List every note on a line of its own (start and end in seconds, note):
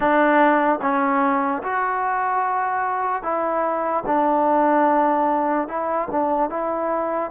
0.00 0.79 D4
0.81 1.62 C#4
1.62 3.22 F#4
3.22 4.03 E4
4.06 5.68 D4
5.68 6.08 E4
6.11 6.49 D4
6.49 7.30 E4